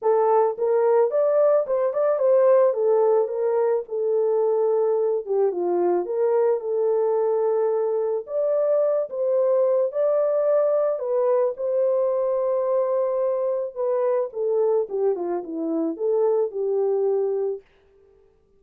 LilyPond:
\new Staff \with { instrumentName = "horn" } { \time 4/4 \tempo 4 = 109 a'4 ais'4 d''4 c''8 d''8 | c''4 a'4 ais'4 a'4~ | a'4. g'8 f'4 ais'4 | a'2. d''4~ |
d''8 c''4. d''2 | b'4 c''2.~ | c''4 b'4 a'4 g'8 f'8 | e'4 a'4 g'2 | }